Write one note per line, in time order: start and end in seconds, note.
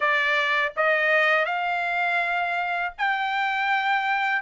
0.00 0.72 D5
0.76 1.45 D#5
1.45 2.93 F5
2.98 4.41 G5